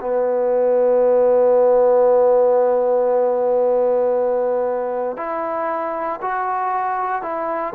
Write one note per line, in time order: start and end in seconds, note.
0.00 5.16 B3
5.16 6.20 E4
6.21 7.22 F#4
7.22 7.74 E4